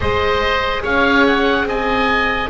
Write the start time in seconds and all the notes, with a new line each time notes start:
0.00 G#3 G#4 C5 D#5
0.82 C#4 C#5 F5
1.26 F#5
1.64 C4 D#5 G#5